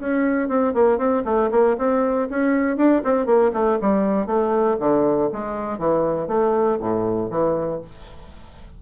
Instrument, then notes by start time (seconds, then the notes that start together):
bassoon
0.00 C#4
0.49 C4
0.74 A#3
0.98 C4
1.25 A3
1.52 A#3
1.78 C4
2.30 C#4
2.77 D4
3.04 C4
3.26 A#3
3.54 A3
3.81 G3
4.27 A3
4.80 D3
5.33 G#3
5.79 E3
6.28 A3
6.81 A2
7.31 E3